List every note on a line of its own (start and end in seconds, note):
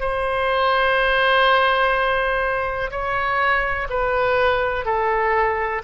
0.00 2.90 C5
2.91 3.88 C#5
3.90 4.85 B4
4.85 5.82 A4